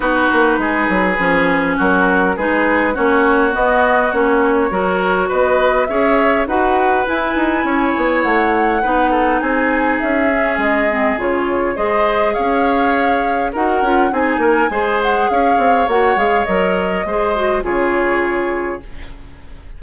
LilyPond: <<
  \new Staff \with { instrumentName = "flute" } { \time 4/4 \tempo 4 = 102 b'2. ais'4 | b'4 cis''4 dis''4 cis''4~ | cis''4 dis''4 e''4 fis''4 | gis''2 fis''2 |
gis''4 e''4 dis''4 cis''4 | dis''4 f''2 fis''4 | gis''4. fis''8 f''4 fis''8 f''8 | dis''2 cis''2 | }
  \new Staff \with { instrumentName = "oboe" } { \time 4/4 fis'4 gis'2 fis'4 | gis'4 fis'2. | ais'4 b'4 cis''4 b'4~ | b'4 cis''2 b'8 a'8 |
gis'1 | c''4 cis''2 ais'4 | gis'8 ais'8 c''4 cis''2~ | cis''4 c''4 gis'2 | }
  \new Staff \with { instrumentName = "clarinet" } { \time 4/4 dis'2 cis'2 | dis'4 cis'4 b4 cis'4 | fis'2 gis'4 fis'4 | e'2. dis'4~ |
dis'4. cis'4 c'8 f'4 | gis'2. fis'8 f'8 | dis'4 gis'2 fis'8 gis'8 | ais'4 gis'8 fis'8 f'2 | }
  \new Staff \with { instrumentName = "bassoon" } { \time 4/4 b8 ais8 gis8 fis8 f4 fis4 | gis4 ais4 b4 ais4 | fis4 b4 cis'4 dis'4 | e'8 dis'8 cis'8 b8 a4 b4 |
c'4 cis'4 gis4 cis4 | gis4 cis'2 dis'8 cis'8 | c'8 ais8 gis4 cis'8 c'8 ais8 gis8 | fis4 gis4 cis2 | }
>>